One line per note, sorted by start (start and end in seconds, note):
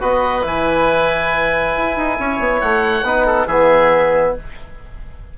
0.00 0.44 B3
0.00 0.42 F#4
0.00 2.17 B4
0.00 0.46 D#5
0.42 1.75 E3
0.42 3.03 E4
0.42 2.61 G#5
1.77 1.96 E4
1.96 2.18 D#4
2.19 2.39 C#4
2.19 3.06 C#5
2.39 2.61 B3
2.61 3.02 A3
2.61 3.47 F#5
3.02 3.46 B3
3.02 3.49 D#4
3.02 3.26 B4
3.26 3.46 A4
3.46 4.34 E3
3.46 4.37 B3
3.46 4.33 G#4
3.46 4.34 E5